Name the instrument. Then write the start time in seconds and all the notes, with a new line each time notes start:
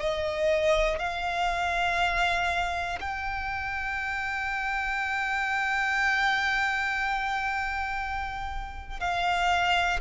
violin
0.00 D#5
0.99 F5
3.00 G5
9.00 F5